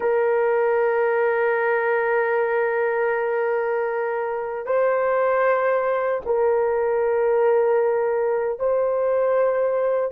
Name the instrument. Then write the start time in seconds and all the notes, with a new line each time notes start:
horn
0.00 A#4
4.65 C5
6.25 A#4
8.59 C5